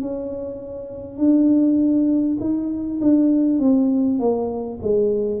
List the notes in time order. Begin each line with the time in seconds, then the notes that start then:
0.00 C#4
1.17 D4
2.39 D#4
3.01 D4
3.59 C4
4.19 A#3
4.82 G#3